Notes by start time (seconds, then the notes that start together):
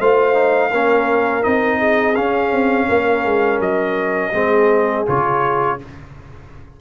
0.00 A3 F4 C5 F5
0.34 D#4
0.70 A#3 C#4 A#4
1.42 C4 D#4 D#5
1.79 G#4
2.15 C#4 F5
2.53 C4
2.89 A#3 A#4
3.25 G#3
3.60 F#3 D#5
4.32 G#3 C4 G#4
5.07 C#3 F4 C#5